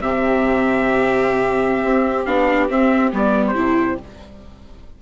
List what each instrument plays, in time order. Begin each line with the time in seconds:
0.00 bassoon C3, viola C4, violin G4, trumpet E5
1.83 bassoon C4
2.25 bassoon B3, viola D4, trumpet F5
2.69 viola C4, bassoon C4, trumpet E5
3.12 bassoon G3, viola B3, trumpet D5
3.47 trumpet C5
3.55 bassoon C3, viola E4